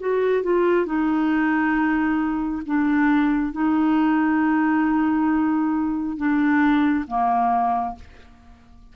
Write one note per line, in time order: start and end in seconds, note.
0.00 0.43 F#4
0.43 0.86 F4
0.86 2.62 D#4
2.66 3.52 D4
3.52 6.17 D#4
6.17 7.05 D4
7.07 7.95 A#3